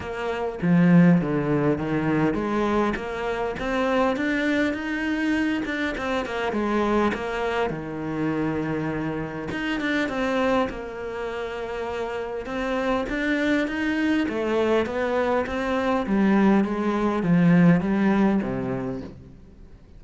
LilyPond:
\new Staff \with { instrumentName = "cello" } { \time 4/4 \tempo 4 = 101 ais4 f4 d4 dis4 | gis4 ais4 c'4 d'4 | dis'4. d'8 c'8 ais8 gis4 | ais4 dis2. |
dis'8 d'8 c'4 ais2~ | ais4 c'4 d'4 dis'4 | a4 b4 c'4 g4 | gis4 f4 g4 c4 | }